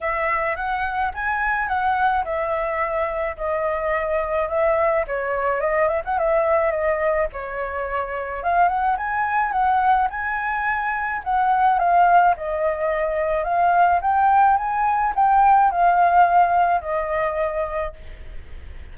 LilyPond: \new Staff \with { instrumentName = "flute" } { \time 4/4 \tempo 4 = 107 e''4 fis''4 gis''4 fis''4 | e''2 dis''2 | e''4 cis''4 dis''8 e''16 fis''16 e''4 | dis''4 cis''2 f''8 fis''8 |
gis''4 fis''4 gis''2 | fis''4 f''4 dis''2 | f''4 g''4 gis''4 g''4 | f''2 dis''2 | }